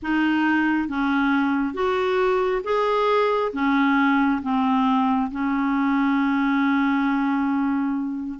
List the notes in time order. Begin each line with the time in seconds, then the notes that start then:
0.02 D#4
0.88 C#4
1.74 F#4
2.64 G#4
3.53 C#4
4.42 C4
5.31 C#4